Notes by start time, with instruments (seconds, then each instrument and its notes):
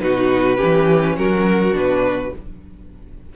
0.00 cello B2, viola D#4, violin F#4 B4
0.56 viola C#4, violin G4
0.63 cello E3
1.16 cello F#3, violin F#4 A#4
1.72 cello B2, viola D4, violin B4